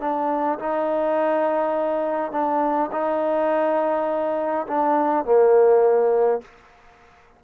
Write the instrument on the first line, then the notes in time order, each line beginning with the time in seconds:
trombone
0.00 D4
0.59 D#4
2.32 D4
2.92 D#4
4.67 D4
5.25 A#3